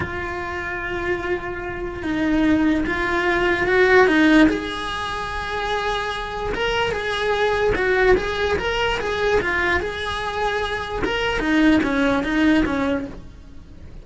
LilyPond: \new Staff \with { instrumentName = "cello" } { \time 4/4 \tempo 4 = 147 f'1~ | f'4 dis'2 f'4~ | f'4 fis'4 dis'4 gis'4~ | gis'1 |
ais'4 gis'2 fis'4 | gis'4 ais'4 gis'4 f'4 | gis'2. ais'4 | dis'4 cis'4 dis'4 cis'4 | }